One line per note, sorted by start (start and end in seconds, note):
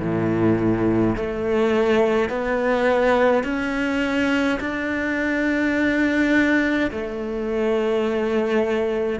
0.00 1.15 A2
1.15 2.29 A3
2.29 3.43 B3
3.43 4.58 C#4
4.60 6.91 D4
6.91 9.19 A3